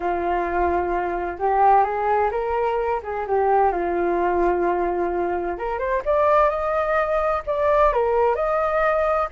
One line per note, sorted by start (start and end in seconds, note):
0.00 1.38 F4
1.38 1.84 G4
1.84 2.30 G#4
2.31 3.01 A#4
3.03 3.26 G#4
3.27 3.71 G4
3.71 5.58 F4
5.58 5.79 A#4
5.79 6.02 C5
6.05 6.49 D5
6.49 7.42 D#5
7.46 7.92 D5
7.92 8.35 A#4
8.35 9.28 D#5